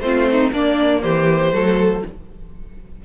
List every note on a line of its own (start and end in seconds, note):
0.00 0.50 A3
0.00 0.53 C4
0.00 0.29 F4
0.00 0.51 C5
0.31 0.52 D#4
0.52 1.52 A#3
0.52 1.03 A#3
0.52 1.03 D4
0.52 1.03 D5
1.03 1.52 E3
1.03 1.54 G4
1.03 2.04 C5
1.52 2.03 F#3
1.52 2.03 A3
1.52 2.05 A4